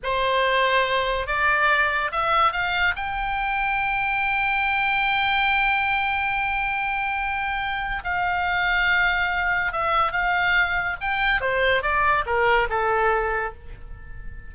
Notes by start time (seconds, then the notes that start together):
0.03 C5
1.26 D5
2.11 E5
2.52 F5
2.96 G5
8.04 F5
9.72 E5
10.12 F5
11.00 G5
11.41 C5
11.82 D5
12.26 A#4
12.69 A4